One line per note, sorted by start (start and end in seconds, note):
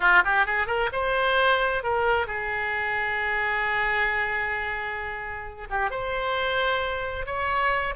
0.00 0.23 F4
0.24 0.45 G4
0.45 0.67 G#4
0.67 0.89 A#4
0.92 1.83 C5
1.83 2.26 A#4
2.26 5.67 G#4
5.70 5.90 G4
5.90 7.26 C5
7.26 7.94 C#5